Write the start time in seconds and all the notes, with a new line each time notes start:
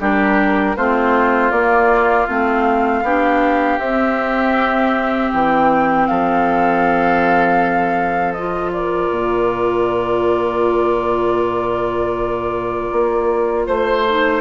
0.00 G3 D4 G4 A#4
0.76 A3 C4 F4 C5
1.51 A#3 D5
2.28 A3 C4 F5
3.02 B3 D4 G4
3.79 C4 E5
5.33 E3 G5
6.07 F3 A4 F5
8.32 F4 D#5
8.72 A#4 D5
9.10 A#2
12.92 A#3
13.66 A3 C5
14.07 D#4